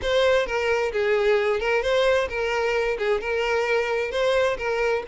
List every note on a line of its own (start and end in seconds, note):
0.01 0.46 C5
0.46 0.92 A#4
0.92 1.60 G#4
1.60 1.82 A#4
1.82 2.28 C5
2.29 2.97 A#4
2.98 3.21 G#4
3.21 4.11 A#4
4.11 4.57 C5
4.57 5.03 A#4